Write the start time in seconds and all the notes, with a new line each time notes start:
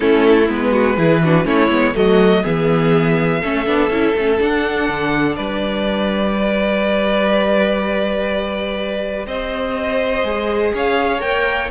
0.00 A3 C#4 E4 A4
0.48 G#3 B3 B4
0.71 F#4
0.97 E3 E4 G#4
1.23 D4 F#4
1.44 A3 C#4 E4 C#5
1.70 G#3 B3
1.94 F#3 A3 F#4 D#5
2.43 E3 B3 G#4 E5
3.41 A3 C#4 A4
3.66 B3 D4
3.89 C#4 E4
4.15 A3 C#4
4.38 D4 F#5
4.88 D3
5.35 G3 B4 D5
6.33 G4
9.26 C4 C5 D#5
10.23 G#3 G#4
10.74 C#4 C#5 F5
11.19 A#3 A#4 G5